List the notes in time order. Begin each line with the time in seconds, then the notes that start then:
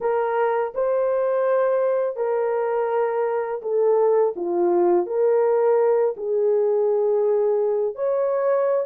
0.00 A#4
0.74 C5
2.16 A#4
3.61 A4
4.35 F4
5.06 A#4
6.16 G#4
7.95 C#5